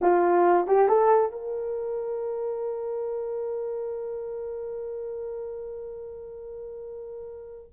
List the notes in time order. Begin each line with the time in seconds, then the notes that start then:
0.01 F4
0.67 G4
0.88 A4
1.31 A#4